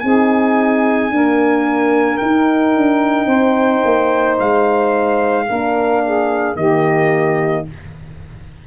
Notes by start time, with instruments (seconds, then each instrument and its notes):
0.00 tuba C4, horn D#4, saxophone G#4, trumpet G#5
1.11 horn A#3, tuba D4, saxophone A#4
2.18 horn D#4, tuba D#4, trumpet G5
2.76 tuba D4
3.27 tuba C4, saxophone C5
3.85 tuba A#3
4.40 tuba G#3, trumpet F5
5.49 tuba A#3, horn D4, saxophone A#4
6.04 saxophone G#4
6.56 tuba D#3, horn A#3, saxophone G4, trumpet D#5